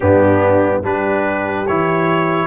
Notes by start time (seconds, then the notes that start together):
0.00 G2 B3 D4 G4
0.83 G3 D4 G4 B4
1.66 E3 E4 C#5